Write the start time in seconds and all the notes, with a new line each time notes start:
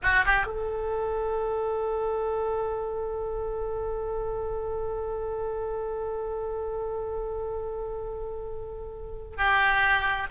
0.02 F#4
0.25 G4
0.46 A4
9.37 G4